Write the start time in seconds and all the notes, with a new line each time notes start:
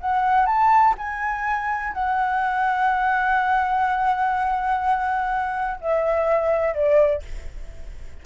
0.00 F#5
0.46 A5
0.97 G#5
1.93 F#5
5.81 E5
6.74 D5